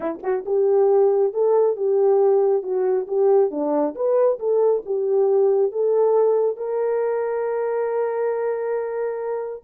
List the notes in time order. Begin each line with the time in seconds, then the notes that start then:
0.00 E4
0.22 F#4
0.45 G4
1.33 A4
1.76 G4
2.62 F#4
3.07 G4
3.51 D4
3.95 B4
4.39 A4
4.85 G4
5.72 A4
6.56 A#4